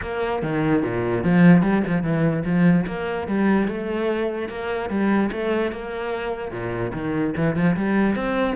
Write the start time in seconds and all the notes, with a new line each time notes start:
0.01 A#3
0.42 D#3
0.83 A#2
1.23 F3
1.62 G3
1.86 F3
2.02 E3
2.45 F3
2.86 A#3
3.27 G3
3.67 A3
4.49 A#3
4.89 G3
5.32 A3
5.72 A#3
6.51 A#2
6.93 D#3
7.36 E3
7.55 F3
7.76 G3
8.15 C4